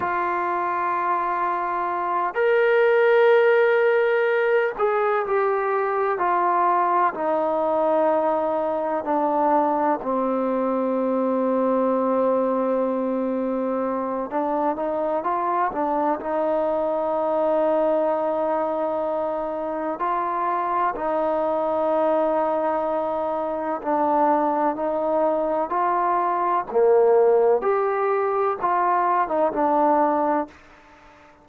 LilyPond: \new Staff \with { instrumentName = "trombone" } { \time 4/4 \tempo 4 = 63 f'2~ f'8 ais'4.~ | ais'4 gis'8 g'4 f'4 dis'8~ | dis'4. d'4 c'4.~ | c'2. d'8 dis'8 |
f'8 d'8 dis'2.~ | dis'4 f'4 dis'2~ | dis'4 d'4 dis'4 f'4 | ais4 g'4 f'8. dis'16 d'4 | }